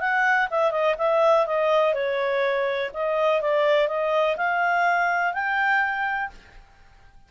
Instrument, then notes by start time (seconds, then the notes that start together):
clarinet
0.00 F#5
0.50 E5
0.71 D#5
0.98 E5
1.46 D#5
1.94 C#5
2.93 D#5
3.41 D5
3.88 D#5
4.37 F5
5.33 G5